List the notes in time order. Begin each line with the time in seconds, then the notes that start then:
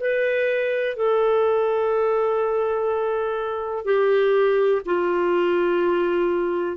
0.00 B4
0.96 A4
3.85 G4
4.85 F4